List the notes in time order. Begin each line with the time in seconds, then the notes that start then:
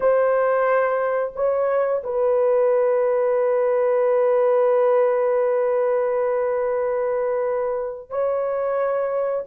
0.00 C5
1.35 C#5
2.03 B4
8.10 C#5